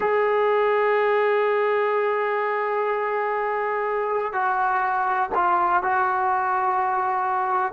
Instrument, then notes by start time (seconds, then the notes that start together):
trombone
0.00 G#4
4.32 F#4
5.34 F4
5.82 F#4